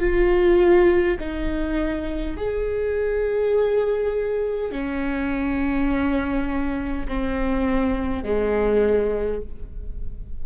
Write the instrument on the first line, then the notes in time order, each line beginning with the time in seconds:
viola
0.00 F4
1.19 D#4
2.37 G#4
4.72 C#4
7.08 C4
8.24 G#3